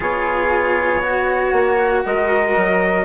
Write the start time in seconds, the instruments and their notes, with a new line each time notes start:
0.00 bassoon B3, cello F4, flute G#4, trumpet C#5
1.02 cello F#4, flute F#4
1.52 bassoon A#3
2.05 bassoon G#3, flute A#4, trumpet D#5
2.56 bassoon F#3